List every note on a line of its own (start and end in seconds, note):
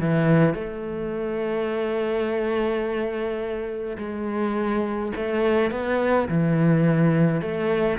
0.00 0.54 E3
0.54 3.97 A3
3.98 5.12 G#3
5.16 5.71 A3
5.71 6.28 B3
6.29 7.42 E3
7.42 7.99 A3